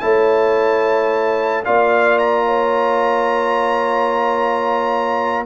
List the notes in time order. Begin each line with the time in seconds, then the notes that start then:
0.00 A3 E4 C#5 A5
1.65 A#3 F4 D5 F5
2.18 A#5
2.46 C#5